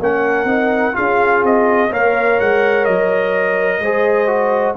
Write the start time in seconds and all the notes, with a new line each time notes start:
0.00 A#3 C#4 A#4 F#5
0.44 C4 D#4
0.93 C#4 F4 G#4 F5
1.43 C4 D#5
1.89 A#3 A#4 C#5 F5
2.40 G#3 F#5
2.85 F#3 D#5
3.80 G#3 G#4 C5
4.27 F#4